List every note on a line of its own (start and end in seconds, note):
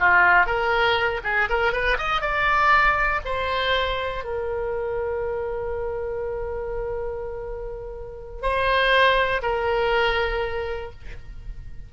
0.00 0.46 F4
0.46 1.21 A#4
1.24 1.49 G#4
1.49 1.73 A#4
1.73 1.98 B4
1.98 2.21 D#5
2.21 3.21 D5
3.25 4.24 C5
4.24 8.42 A#4
8.42 9.41 C5
9.42 10.91 A#4